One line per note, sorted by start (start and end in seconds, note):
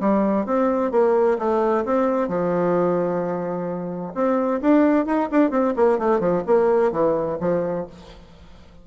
0.00 0.46 G3
0.46 0.91 C4
0.91 1.37 A#3
1.38 1.84 A3
1.85 2.28 C4
2.28 4.12 F3
4.14 4.60 C4
4.61 5.06 D4
5.06 5.29 D#4
5.31 5.50 D4
5.50 5.73 C4
5.76 5.98 A#3
5.98 6.19 A3
6.19 6.42 F3
6.46 6.92 A#3
6.92 7.38 E3
7.40 7.86 F3